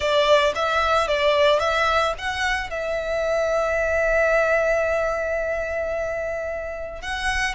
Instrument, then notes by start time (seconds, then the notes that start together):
violin
0.00 D5
0.55 E5
1.07 D5
1.59 E5
2.18 F#5
2.70 E5
7.01 F#5